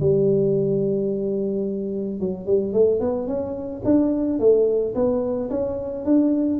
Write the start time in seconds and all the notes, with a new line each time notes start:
0.00 G3
2.19 F#3
2.46 G3
2.72 A3
3.00 B3
3.27 C#4
3.84 D4
4.39 A3
4.94 B3
5.50 C#4
6.05 D4